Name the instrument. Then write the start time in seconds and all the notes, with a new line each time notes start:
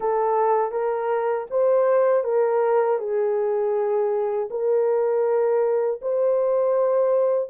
horn
0.00 A4
0.71 A#4
1.50 C5
2.23 A#4
2.98 G#4
4.50 A#4
6.01 C5